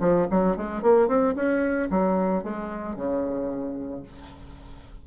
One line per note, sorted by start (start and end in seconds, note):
0.00 0.27 F3
0.30 0.56 F#3
0.56 0.82 G#3
0.82 1.08 A#3
1.08 1.34 C4
1.35 1.89 C#4
1.90 2.43 F#3
2.43 2.95 G#3
2.95 4.03 C#3